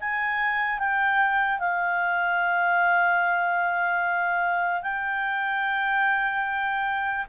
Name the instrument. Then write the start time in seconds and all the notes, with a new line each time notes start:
clarinet
0.00 G#5
0.79 G5
1.59 F5
4.82 G5